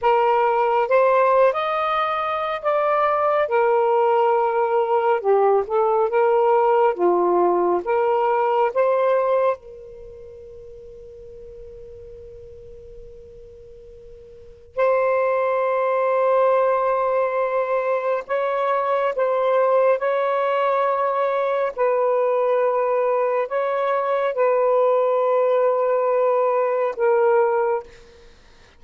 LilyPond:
\new Staff \with { instrumentName = "saxophone" } { \time 4/4 \tempo 4 = 69 ais'4 c''8. dis''4~ dis''16 d''4 | ais'2 g'8 a'8 ais'4 | f'4 ais'4 c''4 ais'4~ | ais'1~ |
ais'4 c''2.~ | c''4 cis''4 c''4 cis''4~ | cis''4 b'2 cis''4 | b'2. ais'4 | }